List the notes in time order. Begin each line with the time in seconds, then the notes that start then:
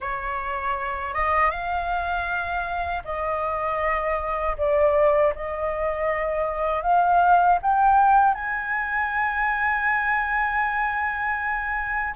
0.00 C#5
1.14 D#5
1.51 F5
3.04 D#5
4.57 D5
5.35 D#5
6.82 F5
7.62 G5
8.34 G#5